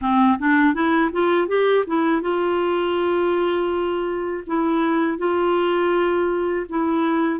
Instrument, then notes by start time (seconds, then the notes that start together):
clarinet
0.01 C4
0.38 D4
0.73 E4
1.11 F4
1.47 G4
1.87 E4
2.21 F4
4.46 E4
5.18 F4
6.69 E4